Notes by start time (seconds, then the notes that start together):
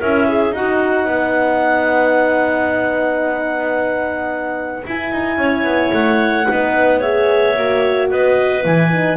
0.00 C#4 E4 A#4 E5
0.29 G#4
0.52 D#4 F#4 F#5
1.06 B3 B4
4.87 E4 G#5
5.12 D#4
5.38 C#4 C#5
5.64 B3
5.93 A3 F#5
6.48 B3 D#4 B4
7.00 G#4 C#5 E5
7.56 A#3 F#4
8.11 B3 B4 D#5
8.64 E3 E4 G#5
8.91 D#4